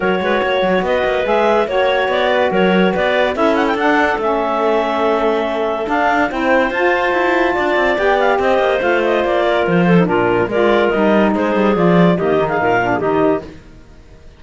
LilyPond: <<
  \new Staff \with { instrumentName = "clarinet" } { \time 4/4 \tempo 4 = 143 cis''2 dis''4 e''4 | cis''4 d''4 cis''4 d''4 | e''8 fis''16 g''16 fis''4 e''2~ | e''2 f''4 g''4 |
a''2. g''8 f''8 | dis''4 f''8 dis''8 d''4 c''4 | ais'4 d''4 dis''4 c''4 | d''4 dis''8. f''4~ f''16 dis''4 | }
  \new Staff \with { instrumentName = "clarinet" } { \time 4/4 ais'8 b'8 cis''4 b'2 | cis''4. b'8 ais'4 b'4 | a'1~ | a'2. c''4~ |
c''2 d''2 | c''2~ c''8 ais'4 a'8 | f'4 ais'2 gis'4~ | gis'4 g'8. gis'16 ais'8. gis'16 g'4 | }
  \new Staff \with { instrumentName = "saxophone" } { \time 4/4 fis'2. gis'4 | fis'1 | e'4 d'4 cis'2~ | cis'2 d'4 e'4 |
f'2. g'4~ | g'4 f'2~ f'8. dis'16 | d'4 f'4 dis'2 | f'4 ais8 dis'4 d'8 dis'4 | }
  \new Staff \with { instrumentName = "cello" } { \time 4/4 fis8 gis8 ais8 fis8 b8 ais8 gis4 | ais4 b4 fis4 b4 | cis'4 d'4 a2~ | a2 d'4 c'4 |
f'4 e'4 d'8 c'8 b4 | c'8 ais8 a4 ais4 f4 | ais,4 gis4 g4 gis8 g8 | f4 dis4 ais,4 dis4 | }
>>